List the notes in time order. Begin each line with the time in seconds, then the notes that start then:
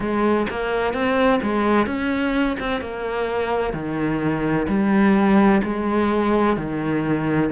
0.00 G#3
0.49 A#3
0.93 C4
1.42 G#3
1.86 C#4
2.60 C4
2.80 A#3
3.73 D#3
4.67 G3
5.63 G#3
6.56 D#3